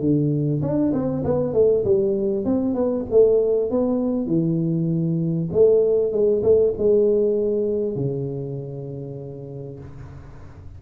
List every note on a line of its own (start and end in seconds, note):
0.00 0.61 D3
0.61 0.92 D4
0.92 1.23 C4
1.24 1.53 B3
1.53 1.84 A3
1.84 2.45 G3
2.45 2.74 C4
2.74 3.05 B3
3.10 3.70 A3
3.70 4.26 B3
4.26 5.49 E3
5.52 6.12 A3
6.12 6.42 G#3
6.42 6.73 A3
6.77 7.95 G#3
7.95 9.79 C#3